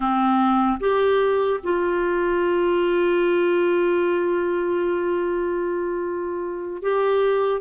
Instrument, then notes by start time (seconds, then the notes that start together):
clarinet
0.00 C4
0.80 G4
1.63 F4
6.82 G4